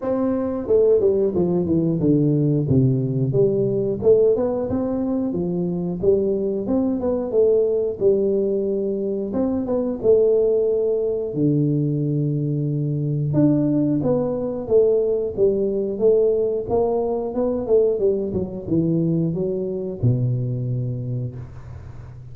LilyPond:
\new Staff \with { instrumentName = "tuba" } { \time 4/4 \tempo 4 = 90 c'4 a8 g8 f8 e8 d4 | c4 g4 a8 b8 c'4 | f4 g4 c'8 b8 a4 | g2 c'8 b8 a4~ |
a4 d2. | d'4 b4 a4 g4 | a4 ais4 b8 a8 g8 fis8 | e4 fis4 b,2 | }